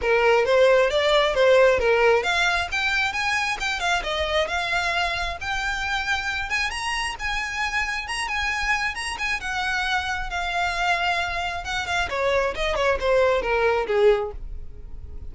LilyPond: \new Staff \with { instrumentName = "violin" } { \time 4/4 \tempo 4 = 134 ais'4 c''4 d''4 c''4 | ais'4 f''4 g''4 gis''4 | g''8 f''8 dis''4 f''2 | g''2~ g''8 gis''8 ais''4 |
gis''2 ais''8 gis''4. | ais''8 gis''8 fis''2 f''4~ | f''2 fis''8 f''8 cis''4 | dis''8 cis''8 c''4 ais'4 gis'4 | }